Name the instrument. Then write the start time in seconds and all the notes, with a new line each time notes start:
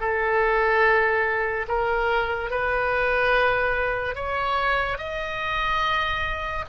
oboe
0.00 A4
1.68 A#4
2.50 B4
4.15 C#5
4.98 D#5